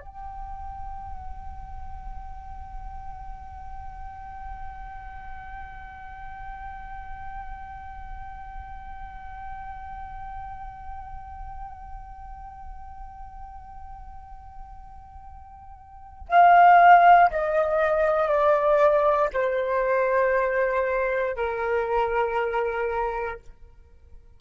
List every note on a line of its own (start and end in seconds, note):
0.00 16.27 G5
16.28 17.30 F5
17.31 18.28 D#5
18.28 19.30 D5
19.33 21.36 C5
21.36 23.39 A#4